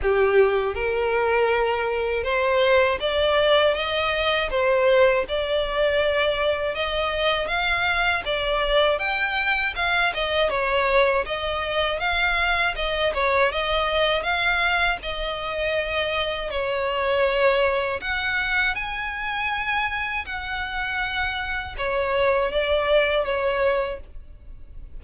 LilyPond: \new Staff \with { instrumentName = "violin" } { \time 4/4 \tempo 4 = 80 g'4 ais'2 c''4 | d''4 dis''4 c''4 d''4~ | d''4 dis''4 f''4 d''4 | g''4 f''8 dis''8 cis''4 dis''4 |
f''4 dis''8 cis''8 dis''4 f''4 | dis''2 cis''2 | fis''4 gis''2 fis''4~ | fis''4 cis''4 d''4 cis''4 | }